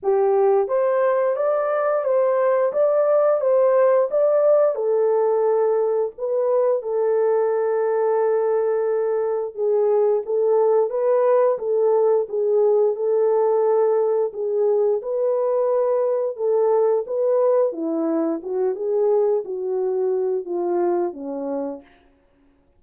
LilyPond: \new Staff \with { instrumentName = "horn" } { \time 4/4 \tempo 4 = 88 g'4 c''4 d''4 c''4 | d''4 c''4 d''4 a'4~ | a'4 b'4 a'2~ | a'2 gis'4 a'4 |
b'4 a'4 gis'4 a'4~ | a'4 gis'4 b'2 | a'4 b'4 e'4 fis'8 gis'8~ | gis'8 fis'4. f'4 cis'4 | }